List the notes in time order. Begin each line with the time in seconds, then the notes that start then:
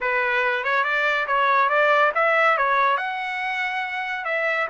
0.00 B4
0.64 C#5
0.84 D5
1.27 C#5
1.69 D5
2.15 E5
2.57 C#5
2.97 F#5
4.24 E5